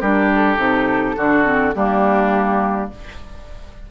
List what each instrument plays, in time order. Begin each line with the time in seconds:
0.00 bassoon G3, clarinet D4, oboe G4, flute A#4
0.35 flute A4
0.57 bassoon C3, clarinet D#4
1.16 bassoon D3, clarinet D4, oboe F#4
1.44 clarinet C4
1.74 bassoon G3, clarinet A#3, oboe D4, flute G4